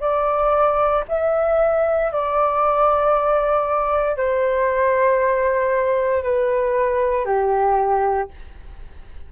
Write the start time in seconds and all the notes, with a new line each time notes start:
0.00 D5
1.08 E5
2.12 D5
4.17 C5
6.23 B4
7.25 G4